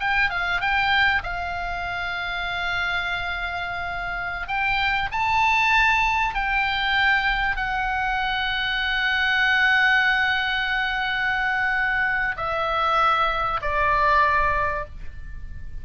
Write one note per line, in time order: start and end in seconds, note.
0.00 0.30 G5
0.30 0.61 F5
0.61 1.23 G5
1.23 4.48 F5
4.48 5.09 G5
5.11 6.34 A5
6.34 7.56 G5
7.56 12.36 F#5
12.37 13.60 E5
13.62 14.85 D5